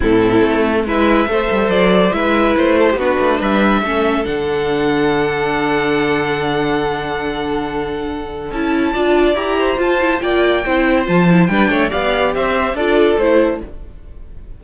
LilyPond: <<
  \new Staff \with { instrumentName = "violin" } { \time 4/4 \tempo 4 = 141 a'2 e''2 | d''4 e''4 c''4 b'4 | e''2 fis''2~ | fis''1~ |
fis''1 | a''2 ais''4 a''4 | g''2 a''4 g''4 | f''4 e''4 d''4 c''4 | }
  \new Staff \with { instrumentName = "violin" } { \time 4/4 e'2 b'4 c''4~ | c''4 b'4. a'16 g'16 fis'4 | b'4 a'2.~ | a'1~ |
a'1~ | a'4 d''4. c''4. | d''4 c''2 b'8 cis''8 | d''4 c''4 a'2 | }
  \new Staff \with { instrumentName = "viola" } { \time 4/4 c'2 e'4 a'4~ | a'4 e'2 d'4~ | d'4 cis'4 d'2~ | d'1~ |
d'1 | e'4 f'4 g'4 f'8 e'8 | f'4 e'4 f'8 e'8 d'4 | g'2 f'4 e'4 | }
  \new Staff \with { instrumentName = "cello" } { \time 4/4 a,4 a4 gis4 a8 g8 | fis4 gis4 a4 b8 a8 | g4 a4 d2~ | d1~ |
d1 | cis'4 d'4 e'4 f'4 | ais4 c'4 f4 g8 a8 | b4 c'4 d'4 a4 | }
>>